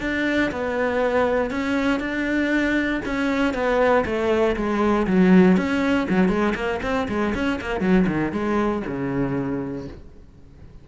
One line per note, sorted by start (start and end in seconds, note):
0.00 0.50 D4
0.51 1.50 B3
1.50 1.99 C#4
1.99 3.00 D4
3.05 3.54 C#4
3.54 4.04 B3
4.05 4.56 A3
4.56 5.06 G#3
5.07 5.57 F#3
5.57 6.07 C#4
6.09 6.28 F#3
6.28 6.54 G#3
6.55 6.80 A#3
6.82 7.07 C4
7.08 7.34 G#3
7.34 7.60 C#4
7.61 7.80 A#3
7.80 8.06 F#3
8.07 8.32 D#3
8.32 8.82 G#3
8.87 9.88 C#3